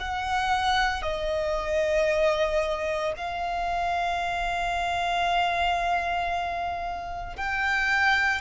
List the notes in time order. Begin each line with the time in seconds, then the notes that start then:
0.00 F#5
1.02 D#5
3.17 F5
7.37 G5